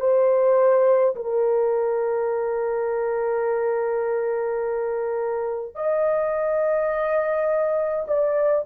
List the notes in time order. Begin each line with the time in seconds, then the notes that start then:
0.00 C5
1.15 A#4
5.75 D#5
8.08 D5